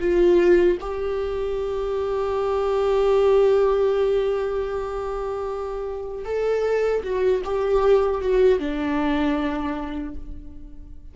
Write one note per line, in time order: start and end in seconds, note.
0.00 0.78 F4
0.80 6.25 G4
6.25 7.03 A4
7.03 7.42 F#4
7.45 8.21 G4
8.21 8.59 F#4
8.59 10.15 D4